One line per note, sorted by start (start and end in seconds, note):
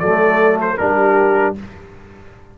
0.00 0.78 F#3
0.00 0.79 A3
0.00 0.78 A4
0.00 0.58 D5
0.62 0.78 C5
0.78 1.57 G3
0.78 1.56 D4
0.78 1.59 G4
0.78 1.55 A#4